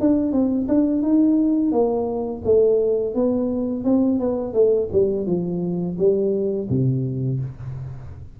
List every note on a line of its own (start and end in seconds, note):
0.00 0.32 D4
0.32 0.67 C4
0.68 1.02 D4
1.02 1.71 D#4
1.71 2.42 A#3
2.44 3.14 A3
3.14 3.84 B3
3.84 4.19 C4
4.19 4.53 B3
4.53 4.89 A3
4.92 5.26 G3
5.26 5.97 F3
5.98 6.68 G3
6.69 7.40 C3